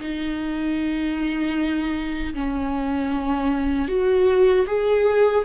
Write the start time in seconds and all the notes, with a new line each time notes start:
0.00 D#4
2.34 C#4
3.88 F#4
4.66 G#4